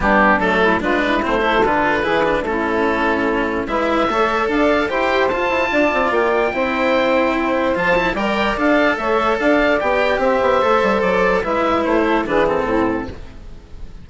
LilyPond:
<<
  \new Staff \with { instrumentName = "oboe" } { \time 4/4 \tempo 4 = 147 g'4 a'4 b'4 c''4 | b'2 a'2~ | a'4 e''2 f''4 | g''4 a''2 g''4~ |
g''2. a''4 | g''4 f''4 e''4 f''4 | g''4 e''2 d''4 | e''4 c''4 b'8 a'4. | }
  \new Staff \with { instrumentName = "saxophone" } { \time 4/4 d'4. e'8 f'8 e'4 a'8~ | a'4 gis'4 e'2~ | e'4 b'4 cis''4 d''4 | c''2 d''2 |
c''1 | d''2 cis''4 d''4~ | d''4 c''2. | b'4. a'8 gis'4 e'4 | }
  \new Staff \with { instrumentName = "cello" } { \time 4/4 b4 a4 d'4 c'8 e'8 | f'4 e'8 d'8 cis'2~ | cis'4 e'4 a'2 | g'4 f'2. |
e'2. f'8 e'8 | ais'4 a'2. | g'2 a'2 | e'2 d'8 c'4. | }
  \new Staff \with { instrumentName = "bassoon" } { \time 4/4 g4 fis4 gis4 a4 | d4 e4 a2~ | a4 gis4 a4 d'4 | e'4 f'8 e'8 d'8 c'8 ais4 |
c'2. f4 | g4 d'4 a4 d'4 | b4 c'8 b8 a8 g8 fis4 | gis4 a4 e4 a,4 | }
>>